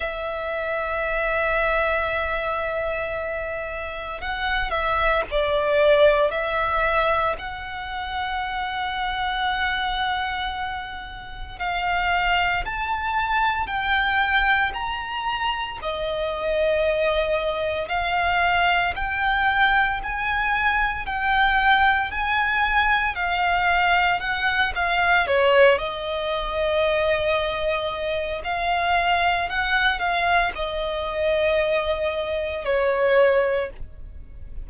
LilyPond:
\new Staff \with { instrumentName = "violin" } { \time 4/4 \tempo 4 = 57 e''1 | fis''8 e''8 d''4 e''4 fis''4~ | fis''2. f''4 | a''4 g''4 ais''4 dis''4~ |
dis''4 f''4 g''4 gis''4 | g''4 gis''4 f''4 fis''8 f''8 | cis''8 dis''2~ dis''8 f''4 | fis''8 f''8 dis''2 cis''4 | }